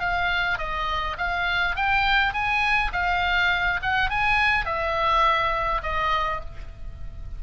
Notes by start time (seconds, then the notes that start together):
0.00 F5
0.59 D#5
1.18 F5
1.76 G5
2.34 G#5
2.93 F5
3.82 F#5
4.10 G#5
4.65 E5
5.83 D#5